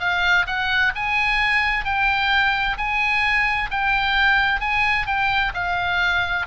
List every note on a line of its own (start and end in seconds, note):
0.00 0.46 F5
0.47 0.93 F#5
0.95 1.85 G#5
1.85 2.77 G5
2.78 3.70 G#5
3.71 4.61 G5
4.61 5.06 G#5
5.06 5.53 G5
5.54 6.47 F5